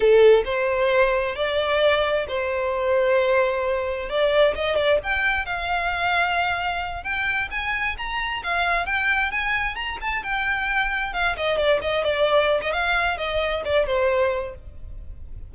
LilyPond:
\new Staff \with { instrumentName = "violin" } { \time 4/4 \tempo 4 = 132 a'4 c''2 d''4~ | d''4 c''2.~ | c''4 d''4 dis''8 d''8 g''4 | f''2.~ f''8 g''8~ |
g''8 gis''4 ais''4 f''4 g''8~ | g''8 gis''4 ais''8 a''8 g''4.~ | g''8 f''8 dis''8 d''8 dis''8 d''4~ d''16 dis''16 | f''4 dis''4 d''8 c''4. | }